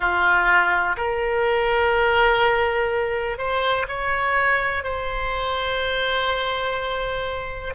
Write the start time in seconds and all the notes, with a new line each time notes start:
0.00 F4
0.97 A#4
3.38 C5
3.88 C#5
4.83 C5